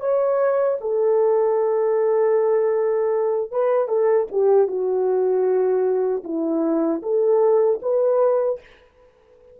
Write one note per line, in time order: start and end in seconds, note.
0.00 0.78 C#5
0.81 3.51 A4
3.51 3.88 B4
3.88 4.27 A4
4.31 4.68 G4
4.68 6.23 F#4
6.24 7.02 E4
7.02 7.80 A4
7.82 8.60 B4